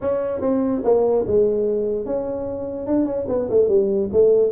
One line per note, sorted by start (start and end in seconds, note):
0.01 0.40 C#4
0.40 0.81 C4
0.83 1.25 A#3
1.27 2.05 G#3
2.05 2.87 C#4
2.87 3.05 D4
3.05 3.26 C#4
3.28 3.49 B3
3.49 3.68 A3
3.68 4.09 G3
4.12 4.51 A3